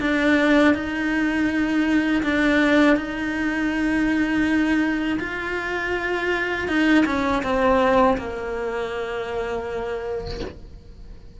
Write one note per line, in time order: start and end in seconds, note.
0.00 0.74 D4
0.74 2.23 D#4
2.23 2.96 D4
2.96 5.19 D#4
5.20 6.68 F4
6.68 7.05 D#4
7.06 7.43 C#4
7.43 8.17 C4
8.18 10.40 A#3